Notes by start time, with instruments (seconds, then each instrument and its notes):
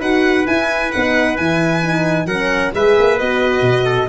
0.00 tuba D#4, horn F#4, trumpet B4, violin F#5
0.46 horn E4, tuba E4, violin G#5
0.91 tuba B3, horn D#4, violin F#5
1.37 tuba E3, horn E4, violin G#5
1.83 horn D#4
2.26 tuba F#3, horn C#4, trumpet A#4, violin F#5
2.74 tuba G#3, horn G#4, trumpet B4, violin E5
2.98 tuba A#3
3.19 tuba B3, horn F#4, violin D#5
3.61 tuba B2
3.85 trumpet A4